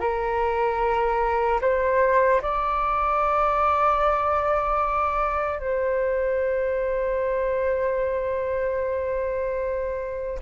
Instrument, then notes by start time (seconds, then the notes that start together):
flute
0.00 A#4
1.61 C5
2.42 D5
5.59 C5